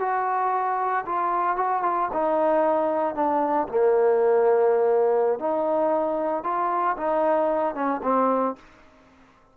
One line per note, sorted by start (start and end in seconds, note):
0.00 1.05 F#4
1.06 1.57 F4
1.57 1.83 F#4
1.83 2.09 F4
2.13 3.15 D#4
3.15 3.68 D4
3.69 5.40 A#3
5.40 6.44 D#4
6.44 6.97 F4
6.98 7.75 D#4
7.75 8.01 C#4
8.03 8.56 C4